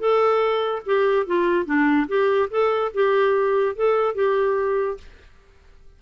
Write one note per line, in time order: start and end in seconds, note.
0.00 0.83 A4
0.86 1.26 G4
1.26 1.66 F4
1.66 2.07 D4
2.08 2.50 G4
2.51 2.92 A4
2.94 3.76 G4
3.76 4.15 A4
4.15 4.98 G4